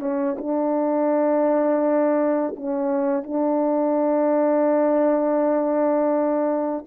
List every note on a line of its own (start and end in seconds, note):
0.00 0.36 C#4
0.38 2.55 D4
2.56 3.24 C#4
3.24 6.85 D4